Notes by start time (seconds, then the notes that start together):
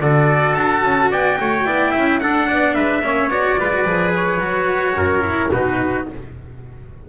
0.00 D3 F#4 A4 D5
0.55 D4 A5
0.83 C#4
1.11 B3 D5 G5
1.40 A3 C#5
1.65 B3 E4 D5
1.91 C#4 E5
2.20 D4 A4 F#5
2.47 B3 D5
2.74 G#3 B4 E5
3.03 A#3 C#4 C#5
3.28 B3 F#4 D5
3.58 G#3 F4 B4
3.72 F#4
3.84 F3 G#4
4.15 C#5
4.39 F#3 F#4
4.95 F#2 A#4
5.21 E4
5.51 B2 D#4 F#4 B4